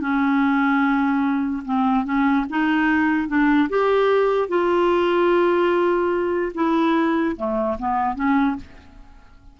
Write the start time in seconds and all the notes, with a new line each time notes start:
0.00 C#4
1.65 C4
2.05 C#4
2.50 D#4
3.28 D4
3.69 G4
4.48 F4
6.54 E4
7.37 A3
7.79 B3
8.15 C#4